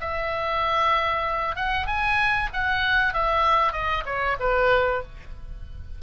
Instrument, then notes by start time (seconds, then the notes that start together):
oboe
0.00 E5
1.55 F#5
1.86 G#5
2.53 F#5
3.13 E5
3.72 D#5
4.05 C#5
4.39 B4